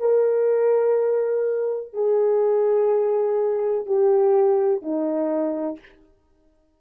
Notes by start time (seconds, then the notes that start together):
0.00 A#4
1.94 G#4
3.86 G4
4.83 D#4